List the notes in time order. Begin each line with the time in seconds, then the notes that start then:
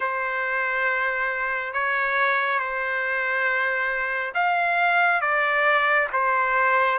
0.00 C5
1.73 C#5
2.59 C5
4.34 F5
5.21 D5
6.12 C5